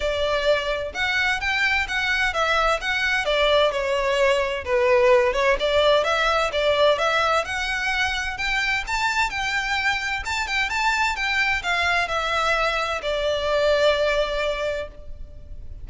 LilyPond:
\new Staff \with { instrumentName = "violin" } { \time 4/4 \tempo 4 = 129 d''2 fis''4 g''4 | fis''4 e''4 fis''4 d''4 | cis''2 b'4. cis''8 | d''4 e''4 d''4 e''4 |
fis''2 g''4 a''4 | g''2 a''8 g''8 a''4 | g''4 f''4 e''2 | d''1 | }